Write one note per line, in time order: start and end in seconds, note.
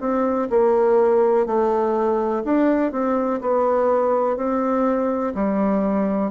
0.00 0.48 C4
0.49 1.46 A#3
1.46 2.42 A3
2.44 2.92 D4
2.92 3.40 C4
3.40 4.36 B3
4.36 5.33 C4
5.34 6.31 G3